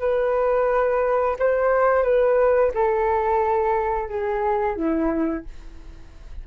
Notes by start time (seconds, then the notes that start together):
0.00 B4
1.39 C5
2.03 B4
2.74 A4
4.09 G#4
4.77 E4